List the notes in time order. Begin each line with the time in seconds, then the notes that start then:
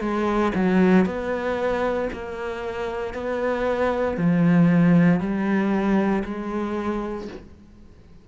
0.00 G#3
0.55 F#3
1.05 B3
2.13 A#3
3.14 B3
4.17 F3
5.20 G3
6.24 G#3